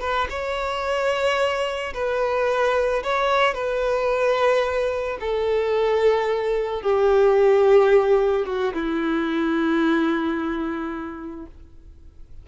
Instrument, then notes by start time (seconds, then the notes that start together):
violin
0.00 B4
0.30 C#5
1.94 B4
3.03 C#5
3.54 B4
5.20 A4
6.82 G4
8.46 F#4
8.73 E4